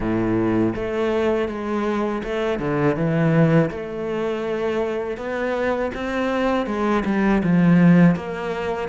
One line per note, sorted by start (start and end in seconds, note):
0.00 0.74 A2
0.75 1.48 A3
1.48 2.22 G#3
2.23 2.59 A3
2.59 2.96 D3
2.96 3.70 E3
3.70 5.17 A3
5.17 5.91 B3
5.94 6.66 C4
6.66 7.03 G#3
7.05 7.42 G3
7.43 8.15 F3
8.15 8.89 A#3